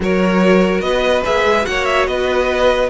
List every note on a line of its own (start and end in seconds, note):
0.00 0.80 F#3
0.00 1.24 F#4
0.00 0.84 A#4
0.00 0.80 C#5
0.80 1.22 B3
0.80 1.66 B4
0.80 1.22 D#5
1.24 1.44 A#3
1.24 1.63 G#4
1.24 1.65 E5
1.44 1.64 G#3
1.63 2.07 A#3
1.63 2.87 F#4
1.63 2.08 C#5
1.63 1.84 F#5
1.84 2.05 E5
2.07 2.89 B3
2.07 2.89 B4
2.07 2.89 D#5